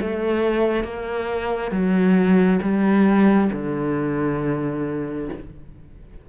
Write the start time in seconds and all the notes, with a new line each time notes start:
0.00 A3
0.83 A#3
1.71 F#3
2.62 G3
3.52 D3